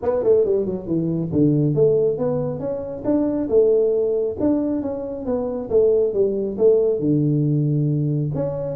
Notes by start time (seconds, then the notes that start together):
0.02 B3
0.23 A3
0.44 G3
0.65 F#3
0.87 E3
1.32 D3
1.74 A3
2.18 B3
2.59 C#4
3.05 D4
3.49 A3
4.40 D4
4.82 C#4
5.25 B3
5.70 A3
6.13 G3
6.58 A3
6.99 D3
8.34 C#4